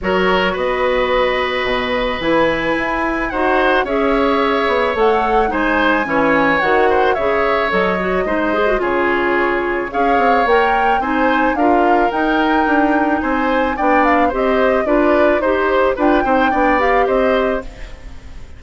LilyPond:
<<
  \new Staff \with { instrumentName = "flute" } { \time 4/4 \tempo 4 = 109 cis''4 dis''2. | gis''2 fis''4 e''4~ | e''4 fis''4 gis''2 | fis''4 e''4 dis''2 |
cis''2 f''4 g''4 | gis''4 f''4 g''2 | gis''4 g''8 f''8 dis''4 d''4 | c''4 g''4. f''8 dis''4 | }
  \new Staff \with { instrumentName = "oboe" } { \time 4/4 ais'4 b'2.~ | b'2 c''4 cis''4~ | cis''2 c''4 cis''4~ | cis''8 c''8 cis''2 c''4 |
gis'2 cis''2 | c''4 ais'2. | c''4 d''4 c''4 b'4 | c''4 b'8 c''8 d''4 c''4 | }
  \new Staff \with { instrumentName = "clarinet" } { \time 4/4 fis'1 | e'2 fis'4 gis'4~ | gis'4 a'4 dis'4 cis'4 | fis'4 gis'4 a'8 fis'8 dis'8 gis'16 fis'16 |
f'2 gis'4 ais'4 | dis'4 f'4 dis'2~ | dis'4 d'4 g'4 f'4 | g'4 f'8 dis'8 d'8 g'4. | }
  \new Staff \with { instrumentName = "bassoon" } { \time 4/4 fis4 b2 b,4 | e4 e'4 dis'4 cis'4~ | cis'8 b8 a4 gis4 e4 | dis4 cis4 fis4 gis4 |
cis2 cis'8 c'8 ais4 | c'4 d'4 dis'4 d'4 | c'4 b4 c'4 d'4 | dis'4 d'8 c'8 b4 c'4 | }
>>